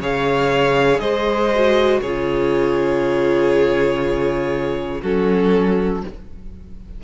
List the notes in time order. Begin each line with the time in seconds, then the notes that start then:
0.00 C#3 G#4 C#5 F5
1.00 G#3 C5 D#5
1.55 F#4
2.01 C#3 F4 G#4 C#5
5.02 F#3 C#4 F#4 A4